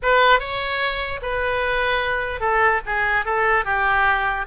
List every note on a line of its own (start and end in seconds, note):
0.02 0.39 B4
0.39 1.20 C#5
1.22 2.40 B4
2.40 2.81 A4
2.86 3.25 G#4
3.25 3.64 A4
3.64 4.45 G4